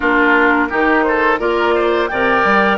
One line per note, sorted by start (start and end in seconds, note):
0.00 0.71 A#3
0.00 0.69 D4
0.00 0.68 F4
0.00 1.03 A#4
0.69 1.39 D#3
0.69 1.38 D#4
0.69 1.04 G4
1.03 1.39 A4
1.03 1.38 C5
1.38 2.09 A#3
1.38 2.08 F4
1.38 1.74 A#4
1.38 2.07 D5
1.75 2.09 C5
2.07 2.44 C3
2.07 2.77 A#4
2.07 2.77 D5
2.07 2.77 G5
2.44 2.77 G3